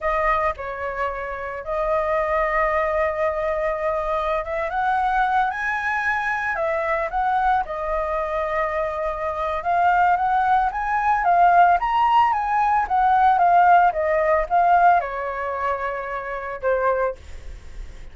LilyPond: \new Staff \with { instrumentName = "flute" } { \time 4/4 \tempo 4 = 112 dis''4 cis''2 dis''4~ | dis''1~ | dis''16 e''8 fis''4. gis''4.~ gis''16~ | gis''16 e''4 fis''4 dis''4.~ dis''16~ |
dis''2 f''4 fis''4 | gis''4 f''4 ais''4 gis''4 | fis''4 f''4 dis''4 f''4 | cis''2. c''4 | }